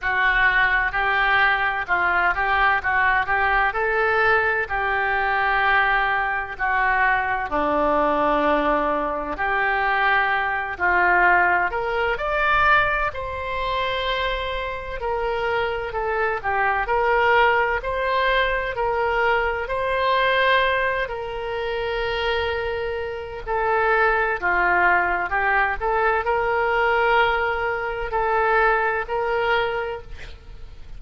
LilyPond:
\new Staff \with { instrumentName = "oboe" } { \time 4/4 \tempo 4 = 64 fis'4 g'4 f'8 g'8 fis'8 g'8 | a'4 g'2 fis'4 | d'2 g'4. f'8~ | f'8 ais'8 d''4 c''2 |
ais'4 a'8 g'8 ais'4 c''4 | ais'4 c''4. ais'4.~ | ais'4 a'4 f'4 g'8 a'8 | ais'2 a'4 ais'4 | }